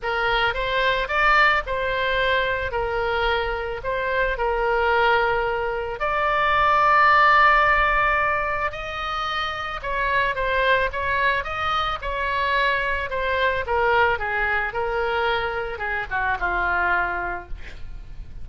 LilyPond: \new Staff \with { instrumentName = "oboe" } { \time 4/4 \tempo 4 = 110 ais'4 c''4 d''4 c''4~ | c''4 ais'2 c''4 | ais'2. d''4~ | d''1 |
dis''2 cis''4 c''4 | cis''4 dis''4 cis''2 | c''4 ais'4 gis'4 ais'4~ | ais'4 gis'8 fis'8 f'2 | }